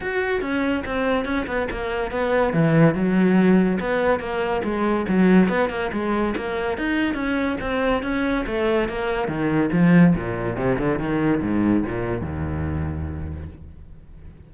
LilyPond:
\new Staff \with { instrumentName = "cello" } { \time 4/4 \tempo 4 = 142 fis'4 cis'4 c'4 cis'8 b8 | ais4 b4 e4 fis4~ | fis4 b4 ais4 gis4 | fis4 b8 ais8 gis4 ais4 |
dis'4 cis'4 c'4 cis'4 | a4 ais4 dis4 f4 | ais,4 c8 d8 dis4 gis,4 | ais,4 dis,2. | }